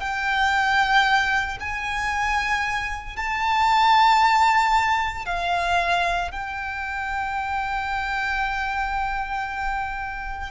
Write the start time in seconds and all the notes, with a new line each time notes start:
0.00 G5
1.60 G#5
3.17 A5
5.26 F5
6.31 G5